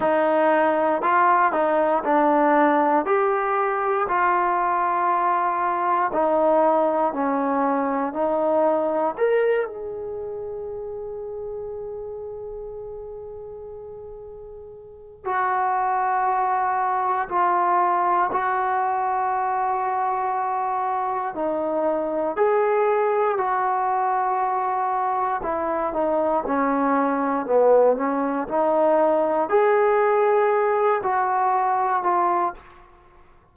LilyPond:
\new Staff \with { instrumentName = "trombone" } { \time 4/4 \tempo 4 = 59 dis'4 f'8 dis'8 d'4 g'4 | f'2 dis'4 cis'4 | dis'4 ais'8 gis'2~ gis'8~ | gis'2. fis'4~ |
fis'4 f'4 fis'2~ | fis'4 dis'4 gis'4 fis'4~ | fis'4 e'8 dis'8 cis'4 b8 cis'8 | dis'4 gis'4. fis'4 f'8 | }